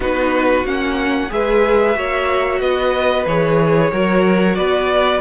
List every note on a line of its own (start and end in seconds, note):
0.00 0.65 B3
0.00 0.65 D#4
0.00 1.29 F#4
0.00 0.66 B4
0.65 1.30 A#3
0.65 1.29 C#4
0.65 1.31 F#5
1.29 1.96 G#3
1.29 1.94 G#4
1.29 1.97 B4
1.29 2.60 E5
1.94 2.60 A#3
1.94 3.25 F#4
1.94 2.60 C#5
2.60 3.25 B3
2.60 3.91 B4
2.60 3.25 D#5
3.26 3.91 E3
3.26 3.91 G#4
3.26 4.55 C#5
3.91 4.57 F#3
3.91 5.21 F#4
3.91 4.56 A#4
4.55 5.21 B3
4.55 5.21 B4
4.55 5.20 D5